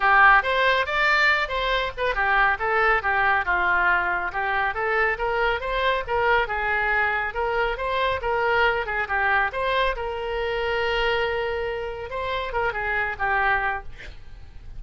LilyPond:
\new Staff \with { instrumentName = "oboe" } { \time 4/4 \tempo 4 = 139 g'4 c''4 d''4. c''8~ | c''8 b'8 g'4 a'4 g'4 | f'2 g'4 a'4 | ais'4 c''4 ais'4 gis'4~ |
gis'4 ais'4 c''4 ais'4~ | ais'8 gis'8 g'4 c''4 ais'4~ | ais'1 | c''4 ais'8 gis'4 g'4. | }